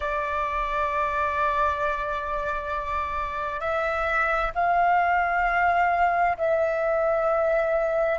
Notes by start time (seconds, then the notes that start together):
0.00 D5
3.60 E5
4.55 F5
6.37 E5